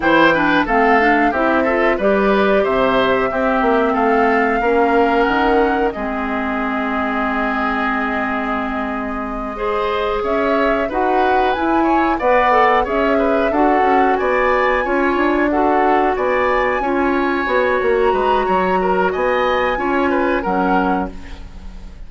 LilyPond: <<
  \new Staff \with { instrumentName = "flute" } { \time 4/4 \tempo 4 = 91 g''4 f''4 e''4 d''4 | e''2 f''2 | fis''4 dis''2.~ | dis''2.~ dis''8 e''8~ |
e''8 fis''4 gis''4 fis''4 e''8~ | e''8 fis''4 gis''2 fis''8~ | fis''8 gis''2~ gis''8 ais''4~ | ais''4 gis''2 fis''4 | }
  \new Staff \with { instrumentName = "oboe" } { \time 4/4 c''8 b'8 a'4 g'8 a'8 b'4 | c''4 g'4 a'4 ais'4~ | ais'4 gis'2.~ | gis'2~ gis'8 c''4 cis''8~ |
cis''8 b'4. cis''8 d''4 cis''8 | b'8 a'4 d''4 cis''4 a'8~ | a'8 d''4 cis''2 b'8 | cis''8 ais'8 dis''4 cis''8 b'8 ais'4 | }
  \new Staff \with { instrumentName = "clarinet" } { \time 4/4 e'8 d'8 c'8 d'8 e'8 f'8 g'4~ | g'4 c'2 cis'4~ | cis'4 c'2.~ | c'2~ c'8 gis'4.~ |
gis'8 fis'4 e'4 b'8 a'8 gis'8~ | gis'8 fis'2 f'4 fis'8~ | fis'4. f'4 fis'4.~ | fis'2 f'4 cis'4 | }
  \new Staff \with { instrumentName = "bassoon" } { \time 4/4 e4 a4 c'4 g4 | c4 c'8 ais8 a4 ais4 | dis4 gis2.~ | gis2.~ gis8 cis'8~ |
cis'8 dis'4 e'4 b4 cis'8~ | cis'8 d'8 cis'8 b4 cis'8 d'4~ | d'8 b4 cis'4 b8 ais8 gis8 | fis4 b4 cis'4 fis4 | }
>>